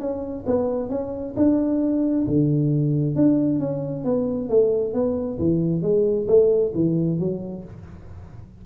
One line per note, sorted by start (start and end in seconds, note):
0.00 0.45 C#4
0.46 0.90 B3
0.90 1.34 C#4
1.37 2.26 D4
2.27 3.16 D3
3.16 3.60 D4
3.60 4.05 C#4
4.05 4.49 B3
4.49 4.94 A3
4.94 5.39 B3
5.39 5.82 E3
5.82 6.27 G#3
6.28 6.73 A3
6.74 7.19 E3
7.19 7.64 F#3